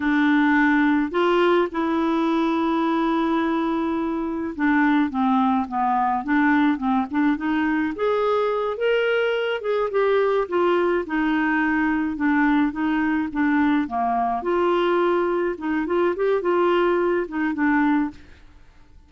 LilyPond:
\new Staff \with { instrumentName = "clarinet" } { \time 4/4 \tempo 4 = 106 d'2 f'4 e'4~ | e'1 | d'4 c'4 b4 d'4 | c'8 d'8 dis'4 gis'4. ais'8~ |
ais'4 gis'8 g'4 f'4 dis'8~ | dis'4. d'4 dis'4 d'8~ | d'8 ais4 f'2 dis'8 | f'8 g'8 f'4. dis'8 d'4 | }